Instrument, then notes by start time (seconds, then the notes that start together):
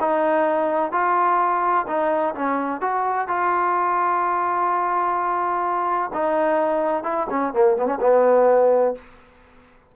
trombone
0.00 D#4
0.91 F4
1.87 D#4
2.35 C#4
2.81 F#4
3.27 F4
6.13 D#4
7.03 E4
7.29 C#4
7.53 A#3
7.77 B3
7.86 C#4
8.00 B3